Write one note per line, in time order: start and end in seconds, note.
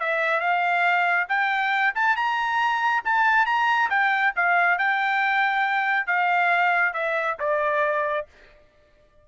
0.00 0.40 E5
0.40 1.27 F5
1.28 1.94 G5
1.95 2.16 A5
2.16 3.03 A#5
3.04 3.46 A5
3.46 3.89 A#5
3.90 4.33 G5
4.36 4.78 F5
4.78 6.06 G5
6.06 6.93 F5
6.93 7.37 E5
7.40 8.26 D5